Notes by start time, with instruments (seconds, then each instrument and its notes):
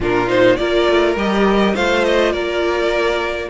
0.00 cello A#2, viola D4, violin F4 A#4
0.27 viola D#4, violin C5
0.56 cello A#3, viola F4, violin A#4 D5
0.89 cello A3
1.16 cello G3, viola G4, violin D#5
1.75 cello A3, viola F4, violin C5 F5
2.04 violin D#5
2.32 cello A#3, violin A#4 D5